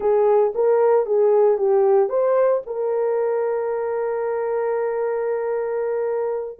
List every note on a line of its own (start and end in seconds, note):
0.00 0.53 G#4
0.54 1.06 A#4
1.06 1.57 G#4
1.57 2.09 G4
2.09 2.62 C5
2.66 6.59 A#4